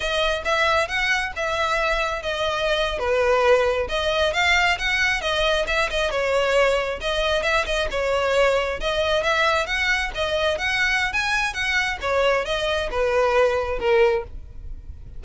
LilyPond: \new Staff \with { instrumentName = "violin" } { \time 4/4 \tempo 4 = 135 dis''4 e''4 fis''4 e''4~ | e''4 dis''4.~ dis''16 b'4~ b'16~ | b'8. dis''4 f''4 fis''4 dis''16~ | dis''8. e''8 dis''8 cis''2 dis''16~ |
dis''8. e''8 dis''8 cis''2 dis''16~ | dis''8. e''4 fis''4 dis''4 fis''16~ | fis''4 gis''4 fis''4 cis''4 | dis''4 b'2 ais'4 | }